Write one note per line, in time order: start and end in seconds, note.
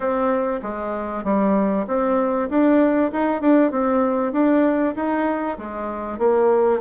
0.00 0.60 C4
0.62 1.24 G#3
1.24 1.86 G3
1.87 2.49 C4
2.49 3.11 D4
3.12 3.41 D#4
3.41 3.71 D4
3.71 4.32 C4
4.32 4.94 D4
4.95 5.57 D#4
5.58 6.18 G#3
6.18 6.80 A#3